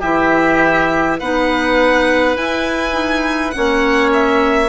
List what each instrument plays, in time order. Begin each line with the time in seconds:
0.00 bassoon E3, clarinet E4, oboe G4, violin E5
1.20 bassoon B3, clarinet D#4, oboe B4, violin F#5
2.37 bassoon E4, clarinet E4, violin G#5
2.93 clarinet D#4
3.51 bassoon A#3, clarinet C#4, oboe C#5, violin F#5
4.14 violin E5